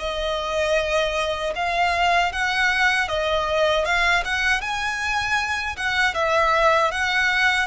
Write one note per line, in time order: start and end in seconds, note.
0.00 1.54 D#5
1.56 2.33 F5
2.33 3.09 F#5
3.09 3.86 D#5
3.86 4.24 F5
4.25 4.62 F#5
4.62 5.77 G#5
5.77 6.15 F#5
6.15 6.92 E5
6.92 7.68 F#5